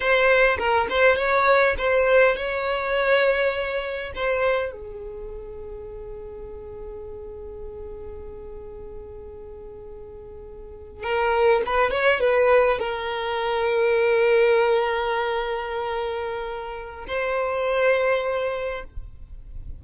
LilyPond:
\new Staff \with { instrumentName = "violin" } { \time 4/4 \tempo 4 = 102 c''4 ais'8 c''8 cis''4 c''4 | cis''2. c''4 | gis'1~ | gis'1~ |
gis'2~ gis'8. ais'4 b'16~ | b'16 cis''8 b'4 ais'2~ ais'16~ | ais'1~ | ais'4 c''2. | }